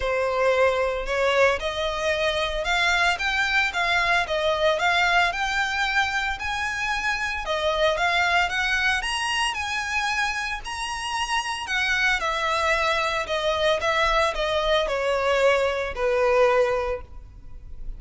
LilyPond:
\new Staff \with { instrumentName = "violin" } { \time 4/4 \tempo 4 = 113 c''2 cis''4 dis''4~ | dis''4 f''4 g''4 f''4 | dis''4 f''4 g''2 | gis''2 dis''4 f''4 |
fis''4 ais''4 gis''2 | ais''2 fis''4 e''4~ | e''4 dis''4 e''4 dis''4 | cis''2 b'2 | }